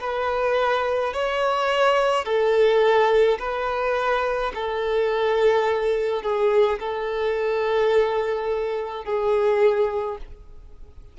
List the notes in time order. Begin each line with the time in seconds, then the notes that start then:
0.00 B4
1.13 C#5
2.25 A4
3.39 B4
4.54 A4
6.22 G#4
6.79 A4
9.05 G#4